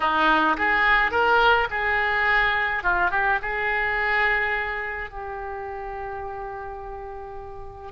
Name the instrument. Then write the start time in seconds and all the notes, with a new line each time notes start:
oboe
0.00 D#4
0.57 G#4
1.11 A#4
1.70 G#4
2.83 F4
3.10 G4
3.42 G#4
5.10 G4